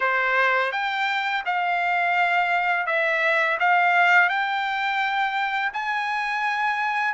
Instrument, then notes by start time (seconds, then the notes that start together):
trumpet
0.00 C5
0.72 G5
1.45 F5
2.86 E5
3.59 F5
4.29 G5
5.73 G#5